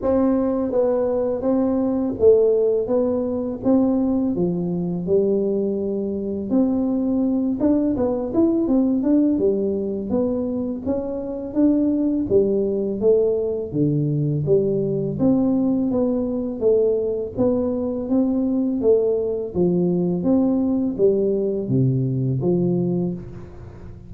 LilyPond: \new Staff \with { instrumentName = "tuba" } { \time 4/4 \tempo 4 = 83 c'4 b4 c'4 a4 | b4 c'4 f4 g4~ | g4 c'4. d'8 b8 e'8 | c'8 d'8 g4 b4 cis'4 |
d'4 g4 a4 d4 | g4 c'4 b4 a4 | b4 c'4 a4 f4 | c'4 g4 c4 f4 | }